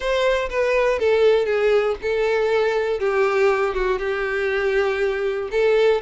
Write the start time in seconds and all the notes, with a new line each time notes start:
0.00 C5
0.49 B4
0.99 A4
1.45 G#4
2.01 A4
2.99 G4
3.74 F#4
3.99 G4
5.51 A4